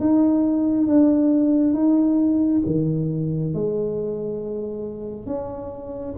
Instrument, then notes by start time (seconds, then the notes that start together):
tuba
0.00 D#4
0.87 D4
1.74 D#4
2.66 D#3
3.54 G#3
5.27 C#4